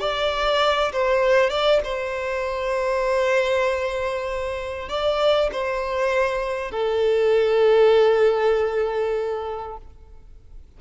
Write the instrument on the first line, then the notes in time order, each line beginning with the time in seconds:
violin
0.00 D5
0.92 C5
1.50 D5
1.84 C5
4.89 D5
5.52 C5
6.71 A4